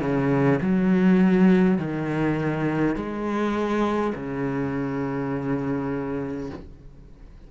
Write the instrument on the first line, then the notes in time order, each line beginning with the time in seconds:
cello
0.00 C#3
0.61 F#3
1.78 D#3
2.95 G#3
4.14 C#3